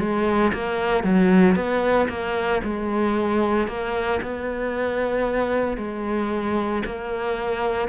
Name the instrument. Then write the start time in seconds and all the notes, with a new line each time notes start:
cello
0.00 G#3
0.54 A#3
1.04 F#3
1.56 B3
2.10 A#3
2.64 G#3
3.68 A#3
4.23 B3
5.78 G#3
6.86 A#3